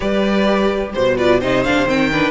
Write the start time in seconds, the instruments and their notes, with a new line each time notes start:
0.00 cello G3, viola G4, violin B4 D5
0.93 cello B2, violin C5
1.17 viola F4, violin B4 D5
1.40 cello C3, viola D#4, violin C5 D#5
1.63 cello D3, viola D4, violin F5
1.76 cello C3
1.84 cello D#3, viola C4, violin G5
2.11 viola D4, violin B4